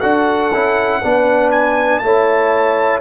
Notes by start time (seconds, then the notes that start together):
0.00 D4 F#4 A4 F#5
0.52 C#4 E4
1.02 B3 D4 B4
1.51 G#5
1.99 A3 E4 C#5 A5